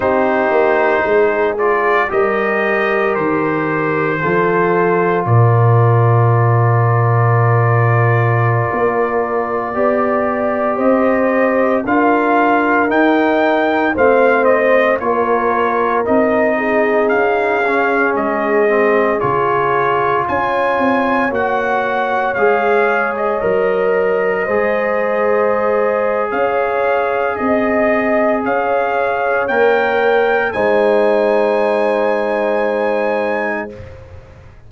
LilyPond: <<
  \new Staff \with { instrumentName = "trumpet" } { \time 4/4 \tempo 4 = 57 c''4. d''8 dis''4 c''4~ | c''4 d''2.~ | d''2~ d''16 dis''4 f''8.~ | f''16 g''4 f''8 dis''8 cis''4 dis''8.~ |
dis''16 f''4 dis''4 cis''4 gis''8.~ | gis''16 fis''4 f''8. dis''2~ | dis''4 f''4 dis''4 f''4 | g''4 gis''2. | }
  \new Staff \with { instrumentName = "horn" } { \time 4/4 g'4 gis'4 ais'2 | a'4 ais'2.~ | ais'4~ ais'16 d''4 c''4 ais'8.~ | ais'4~ ais'16 c''4 ais'4. gis'16~ |
gis'2.~ gis'16 cis''8.~ | cis''2.~ cis''16 c''8.~ | c''4 cis''4 dis''4 cis''4~ | cis''4 c''2. | }
  \new Staff \with { instrumentName = "trombone" } { \time 4/4 dis'4. f'8 g'2 | f'1~ | f'4~ f'16 g'2 f'8.~ | f'16 dis'4 c'4 f'4 dis'8.~ |
dis'8. cis'4 c'8 f'4.~ f'16~ | f'16 fis'4 gis'4 ais'4 gis'8.~ | gis'1 | ais'4 dis'2. | }
  \new Staff \with { instrumentName = "tuba" } { \time 4/4 c'8 ais8 gis4 g4 dis4 | f4 ais,2.~ | ais,16 ais4 b4 c'4 d'8.~ | d'16 dis'4 a4 ais4 c'8.~ |
c'16 cis'4 gis4 cis4 cis'8 c'16~ | c'16 ais4 gis4 fis4 gis8.~ | gis4 cis'4 c'4 cis'4 | ais4 gis2. | }
>>